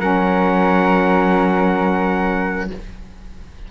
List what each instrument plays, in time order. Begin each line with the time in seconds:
0.00 cello F#3, saxophone C#4, flute A#4, trumpet F#5